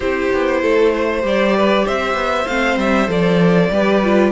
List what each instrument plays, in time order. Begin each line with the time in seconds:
0.00 cello C4, viola E4, violin G4 C5
0.32 cello B3
0.62 cello A3, violin A4
0.94 violin C5
1.21 cello G3, viola G4, violin D5
1.56 violin B4
1.85 cello C4, violin C5 E5
2.14 cello B3
2.47 cello A3, viola C4, violin F5
2.77 cello G3, violin E5
3.07 cello F3, viola A4, violin D5
3.70 cello G3, viola G4, violin B4
4.03 viola F4